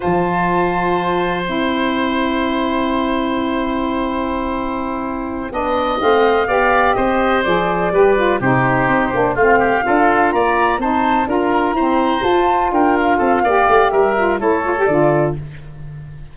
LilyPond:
<<
  \new Staff \with { instrumentName = "flute" } { \time 4/4 \tempo 4 = 125 a''2. g''4~ | g''1~ | g''1~ | g''8 f''2 dis''4 d''8~ |
d''4. c''2 f''8~ | f''4. ais''4 a''4 ais''8~ | ais''4. a''4 g''8 f''4~ | f''4 e''4 cis''4 d''4 | }
  \new Staff \with { instrumentName = "oboe" } { \time 4/4 c''1~ | c''1~ | c''2.~ c''8 dis''8~ | dis''4. d''4 c''4.~ |
c''8 b'4 g'2 f'8 | g'8 a'4 d''4 c''4 ais'8~ | ais'8 c''2 ais'4 a'8 | d''4 ais'4 a'2 | }
  \new Staff \with { instrumentName = "saxophone" } { \time 4/4 f'2. e'4~ | e'1~ | e'2.~ e'8 d'8~ | d'8 c'4 g'2 gis'8~ |
gis'8 g'8 f'8 dis'4. d'8 c'8~ | c'8 f'2 dis'4 f'8~ | f'8 c'4 f'2~ f'8 | g'4. f'8 e'8 f'16 g'16 f'4 | }
  \new Staff \with { instrumentName = "tuba" } { \time 4/4 f2. c'4~ | c'1~ | c'2.~ c'8 b8~ | b8 a4 b4 c'4 f8~ |
f8 g4 c4 c'8 ais8 a8~ | a8 d'4 ais4 c'4 d'8~ | d'8 e'4 f'4 d'4 c'8 | ais8 a8 g4 a4 d4 | }
>>